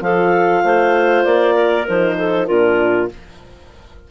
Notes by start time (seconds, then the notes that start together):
0.00 F3 F4 A4 F5
0.63 A3 C5
1.24 A#3 D5
1.54 A#4
1.87 F3 D#4 C5
2.18 A4
2.46 A#2 D4 F4 A#4